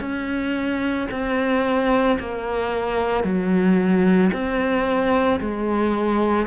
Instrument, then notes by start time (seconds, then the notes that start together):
cello
0.00 C#4
1.11 C4
2.19 A#3
3.24 F#3
4.32 C4
5.40 G#3